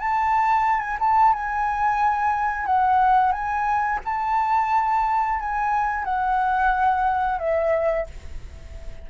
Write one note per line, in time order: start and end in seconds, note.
0.00 0.81 A5
0.81 0.97 G#5
1.00 1.34 A5
1.34 2.66 G#5
2.66 3.32 F#5
3.32 4.00 G#5
4.05 5.40 A5
5.40 6.05 G#5
6.05 7.39 F#5
7.39 8.07 E5